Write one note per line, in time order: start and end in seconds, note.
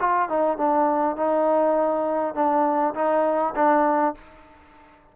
0.00 0.29 F4
0.29 0.58 D#4
0.58 1.16 D4
1.16 2.35 D#4
2.35 2.94 D4
2.95 3.55 D#4
3.56 4.15 D4